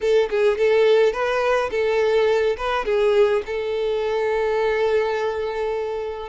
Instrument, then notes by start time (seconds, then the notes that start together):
violin
0.00 A4
0.30 G#4
0.57 A4
1.12 B4
1.70 A4
2.57 B4
2.85 G#4
3.45 A4